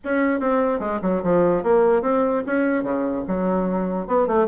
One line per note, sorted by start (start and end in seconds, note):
0.04 0.40 C#4
0.40 0.79 C4
0.79 0.99 G#3
1.01 1.22 F#3
1.23 1.63 F3
1.63 2.02 A#3
2.02 2.43 C4
2.46 2.83 C#4
2.83 3.24 C#3
3.27 4.07 F#3
4.07 4.27 B3
4.27 4.47 A3